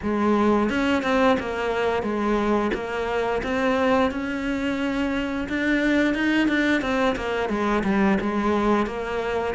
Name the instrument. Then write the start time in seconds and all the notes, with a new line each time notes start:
cello
0.02 G#3
0.69 C#4
1.03 C4
1.39 A#3
2.03 G#3
2.74 A#3
3.43 C4
4.11 C#4
5.49 D4
6.14 D#4
6.48 D4
6.81 C4
7.16 A#3
7.49 G#3
7.83 G3
8.20 G#3
8.86 A#3